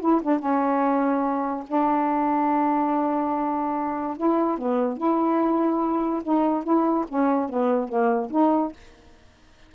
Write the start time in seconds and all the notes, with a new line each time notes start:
0.00 E4
0.22 D4
0.39 C#4
1.67 D4
4.17 E4
4.58 B3
4.97 E4
6.23 D#4
6.63 E4
7.08 C#4
7.49 B3
7.88 A#3
8.30 D#4